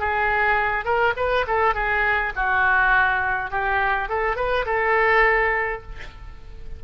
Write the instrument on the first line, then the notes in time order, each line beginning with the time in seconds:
oboe
0.00 G#4
0.85 A#4
1.17 B4
1.47 A4
1.75 G#4
2.36 F#4
3.51 G4
4.09 A4
4.36 B4
4.66 A4